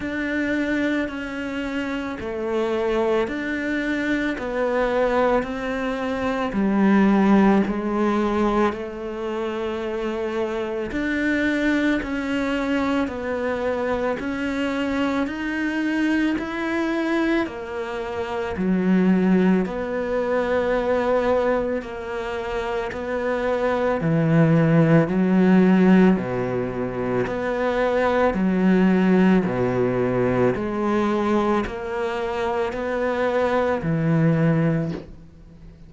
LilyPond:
\new Staff \with { instrumentName = "cello" } { \time 4/4 \tempo 4 = 55 d'4 cis'4 a4 d'4 | b4 c'4 g4 gis4 | a2 d'4 cis'4 | b4 cis'4 dis'4 e'4 |
ais4 fis4 b2 | ais4 b4 e4 fis4 | b,4 b4 fis4 b,4 | gis4 ais4 b4 e4 | }